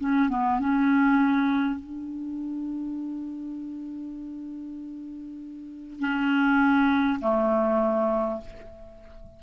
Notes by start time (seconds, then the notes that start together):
0.00 C#4
0.29 B3
0.59 C#4
1.80 D4
5.99 C#4
7.21 A3